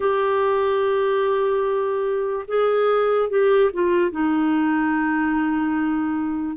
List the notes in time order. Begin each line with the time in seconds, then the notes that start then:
0.00 G4
2.47 G#4
3.29 G4
3.72 F4
4.11 D#4